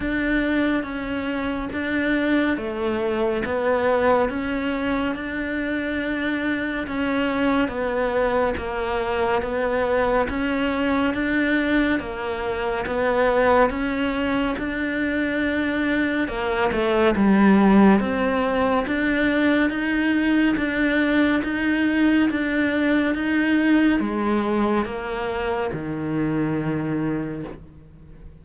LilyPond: \new Staff \with { instrumentName = "cello" } { \time 4/4 \tempo 4 = 70 d'4 cis'4 d'4 a4 | b4 cis'4 d'2 | cis'4 b4 ais4 b4 | cis'4 d'4 ais4 b4 |
cis'4 d'2 ais8 a8 | g4 c'4 d'4 dis'4 | d'4 dis'4 d'4 dis'4 | gis4 ais4 dis2 | }